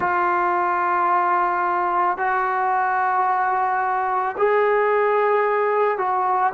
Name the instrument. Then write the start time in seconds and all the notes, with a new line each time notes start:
trombone
0.00 F4
2.17 F#4
4.37 G#4
5.98 F#4